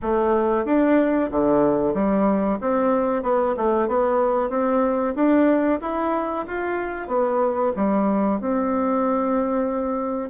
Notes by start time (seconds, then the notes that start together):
0.02 A3
0.65 D4
1.31 D3
1.94 G3
2.60 C4
3.23 B3
3.56 A3
3.88 B3
4.49 C4
5.15 D4
5.81 E4
6.47 F4
7.07 B3
7.76 G3
8.40 C4